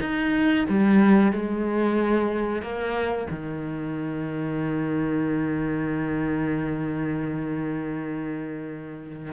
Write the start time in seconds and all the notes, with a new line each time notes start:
0.00 D#4
0.69 G3
1.32 G#3
2.62 A#3
3.30 D#3